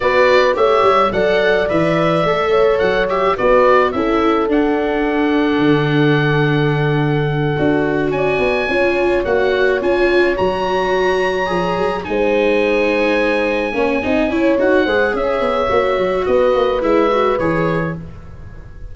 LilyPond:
<<
  \new Staff \with { instrumentName = "oboe" } { \time 4/4 \tempo 4 = 107 d''4 e''4 fis''4 e''4~ | e''4 fis''8 e''8 d''4 e''4 | fis''1~ | fis''2~ fis''8 gis''4.~ |
gis''8 fis''4 gis''4 ais''4.~ | ais''4. gis''2~ gis''8~ | gis''2 fis''4 e''4~ | e''4 dis''4 e''4 cis''4 | }
  \new Staff \with { instrumentName = "horn" } { \time 4/4 b'4 cis''4 d''2~ | d''8 cis''4. b'4 a'4~ | a'1~ | a'2~ a'8 d''4 cis''8~ |
cis''1~ | cis''4. c''2~ c''8~ | c''8 cis''8 dis''8 cis''4 c''8 cis''4~ | cis''4 b'2. | }
  \new Staff \with { instrumentName = "viola" } { \time 4/4 fis'4 g'4 a'4 b'4 | a'4. g'8 fis'4 e'4 | d'1~ | d'4. fis'2 f'8~ |
f'8 fis'4 f'4 fis'4.~ | fis'8 gis'4 dis'2~ dis'8~ | dis'8 cis'8 dis'8 e'8 fis'8 gis'4. | fis'2 e'8 fis'8 gis'4 | }
  \new Staff \with { instrumentName = "tuba" } { \time 4/4 b4 a8 g8 fis4 e4 | a4 fis4 b4 cis'4 | d'2 d2~ | d4. d'4 cis'8 b8 cis'8~ |
cis'8 ais4 cis'4 fis4.~ | fis8 f8 fis8 gis2~ gis8~ | gis8 ais8 c'8 cis'8 dis'8 gis8 cis'8 b8 | ais8 fis8 b8 ais8 gis4 e4 | }
>>